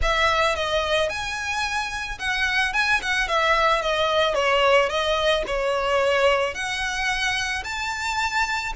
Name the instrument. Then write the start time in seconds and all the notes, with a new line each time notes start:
violin
0.02 E5
0.55 D#5
1.09 G#5
2.18 F#5
2.73 G#5
3.01 F#5
3.28 E5
3.81 D#5
4.34 C#5
4.89 D#5
5.46 C#5
6.54 F#5
7.63 A5